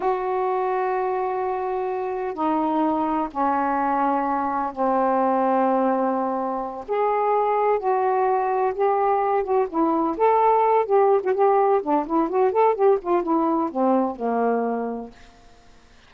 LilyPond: \new Staff \with { instrumentName = "saxophone" } { \time 4/4 \tempo 4 = 127 fis'1~ | fis'4 dis'2 cis'4~ | cis'2 c'2~ | c'2~ c'8 gis'4.~ |
gis'8 fis'2 g'4. | fis'8 e'4 a'4. g'8. fis'16 | g'4 d'8 e'8 fis'8 a'8 g'8 f'8 | e'4 c'4 ais2 | }